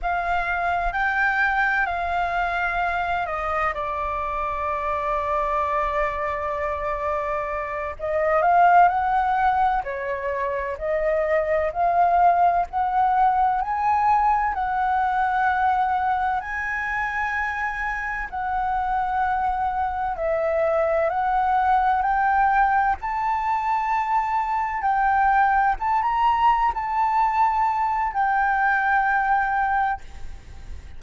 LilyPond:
\new Staff \with { instrumentName = "flute" } { \time 4/4 \tempo 4 = 64 f''4 g''4 f''4. dis''8 | d''1~ | d''8 dis''8 f''8 fis''4 cis''4 dis''8~ | dis''8 f''4 fis''4 gis''4 fis''8~ |
fis''4. gis''2 fis''8~ | fis''4. e''4 fis''4 g''8~ | g''8 a''2 g''4 a''16 ais''16~ | ais''8 a''4. g''2 | }